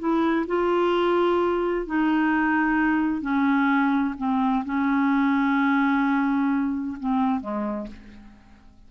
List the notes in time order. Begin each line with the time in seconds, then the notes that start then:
0.00 E4
0.47 F4
1.87 D#4
3.22 C#4
4.18 C4
4.65 C#4
7.00 C4
7.41 G#3